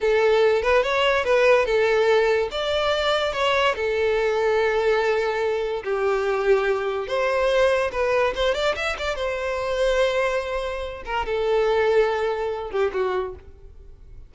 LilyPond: \new Staff \with { instrumentName = "violin" } { \time 4/4 \tempo 4 = 144 a'4. b'8 cis''4 b'4 | a'2 d''2 | cis''4 a'2.~ | a'2 g'2~ |
g'4 c''2 b'4 | c''8 d''8 e''8 d''8 c''2~ | c''2~ c''8 ais'8 a'4~ | a'2~ a'8 g'8 fis'4 | }